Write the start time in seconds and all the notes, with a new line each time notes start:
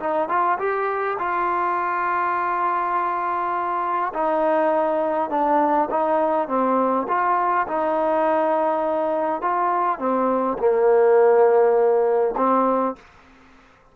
0.00 D#4
0.29 F4
0.59 G4
1.19 F4
4.14 D#4
5.30 D4
5.91 D#4
6.48 C4
7.08 F4
7.68 D#4
9.42 F4
9.99 C4
10.59 A#3
12.37 C4